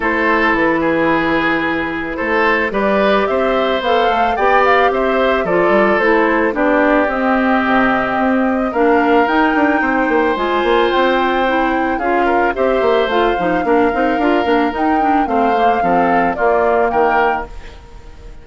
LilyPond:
<<
  \new Staff \with { instrumentName = "flute" } { \time 4/4 \tempo 4 = 110 c''4 b'2. | c''4 d''4 e''4 f''4 | g''8 f''8 e''4 d''4 c''4 | d''4 dis''2. |
f''4 g''2 gis''4 | g''2 f''4 e''4 | f''2. g''4 | f''2 d''4 g''4 | }
  \new Staff \with { instrumentName = "oboe" } { \time 4/4 a'4. gis'2~ gis'8 | a'4 b'4 c''2 | d''4 c''4 a'2 | g'1 |
ais'2 c''2~ | c''2 gis'8 ais'8 c''4~ | c''4 ais'2. | c''4 a'4 f'4 ais'4 | }
  \new Staff \with { instrumentName = "clarinet" } { \time 4/4 e'1~ | e'4 g'2 a'4 | g'2 f'4 e'4 | d'4 c'2. |
d'4 dis'2 f'4~ | f'4 e'4 f'4 g'4 | f'8 dis'8 d'8 dis'8 f'8 d'8 dis'8 d'8 | c'8 ais8 c'4 ais2 | }
  \new Staff \with { instrumentName = "bassoon" } { \time 4/4 a4 e2. | a4 g4 c'4 b8 a8 | b4 c'4 f8 g8 a4 | b4 c'4 c4 c'4 |
ais4 dis'8 d'8 c'8 ais8 gis8 ais8 | c'2 cis'4 c'8 ais8 | a8 f8 ais8 c'8 d'8 ais8 dis'4 | a4 f4 ais4 dis4 | }
>>